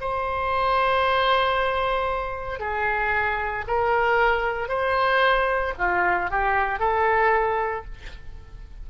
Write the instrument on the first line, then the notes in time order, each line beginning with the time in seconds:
oboe
0.00 C5
2.59 G#4
3.67 A#4
4.68 C5
5.78 F4
6.30 G4
6.79 A4